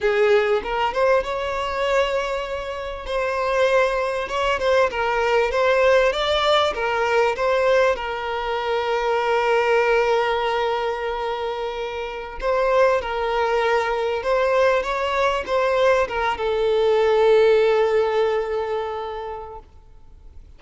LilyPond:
\new Staff \with { instrumentName = "violin" } { \time 4/4 \tempo 4 = 98 gis'4 ais'8 c''8 cis''2~ | cis''4 c''2 cis''8 c''8 | ais'4 c''4 d''4 ais'4 | c''4 ais'2.~ |
ais'1~ | ais'16 c''4 ais'2 c''8.~ | c''16 cis''4 c''4 ais'8 a'4~ a'16~ | a'1 | }